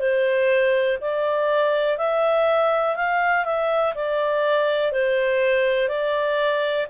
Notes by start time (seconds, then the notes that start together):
0.00 C5
1.01 D5
1.98 E5
2.96 F5
3.45 E5
3.95 D5
4.92 C5
5.89 D5